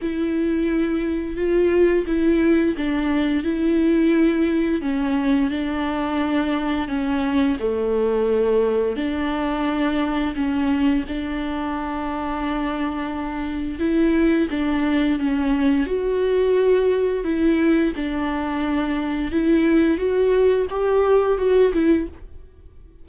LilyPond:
\new Staff \with { instrumentName = "viola" } { \time 4/4 \tempo 4 = 87 e'2 f'4 e'4 | d'4 e'2 cis'4 | d'2 cis'4 a4~ | a4 d'2 cis'4 |
d'1 | e'4 d'4 cis'4 fis'4~ | fis'4 e'4 d'2 | e'4 fis'4 g'4 fis'8 e'8 | }